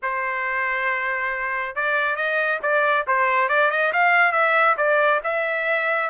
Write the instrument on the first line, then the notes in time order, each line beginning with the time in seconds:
trumpet
0.02 C5
1.75 D5
2.16 D#5
2.62 D5
3.07 C5
3.49 D5
3.70 D#5
3.92 F5
4.32 E5
4.77 D5
5.23 E5